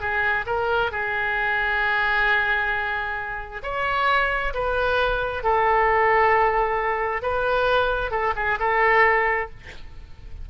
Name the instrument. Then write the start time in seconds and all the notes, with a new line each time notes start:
oboe
0.00 G#4
0.46 A#4
0.91 G#4
3.63 C#5
4.54 B4
5.43 A4
7.22 B4
8.11 A4
8.36 G#4
8.59 A4